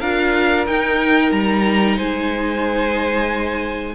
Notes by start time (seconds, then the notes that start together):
0.00 D4 F4 A#4 F5
0.67 D#4 G5
1.32 G3 A#5
1.96 G#3 C5 G#5